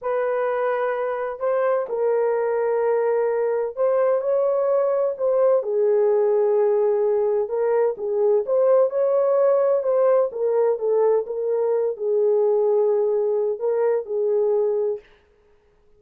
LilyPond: \new Staff \with { instrumentName = "horn" } { \time 4/4 \tempo 4 = 128 b'2. c''4 | ais'1 | c''4 cis''2 c''4 | gis'1 |
ais'4 gis'4 c''4 cis''4~ | cis''4 c''4 ais'4 a'4 | ais'4. gis'2~ gis'8~ | gis'4 ais'4 gis'2 | }